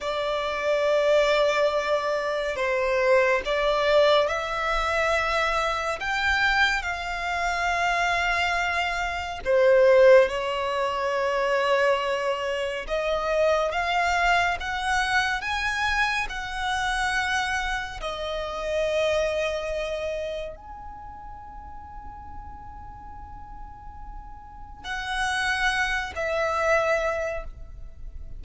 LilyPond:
\new Staff \with { instrumentName = "violin" } { \time 4/4 \tempo 4 = 70 d''2. c''4 | d''4 e''2 g''4 | f''2. c''4 | cis''2. dis''4 |
f''4 fis''4 gis''4 fis''4~ | fis''4 dis''2. | gis''1~ | gis''4 fis''4. e''4. | }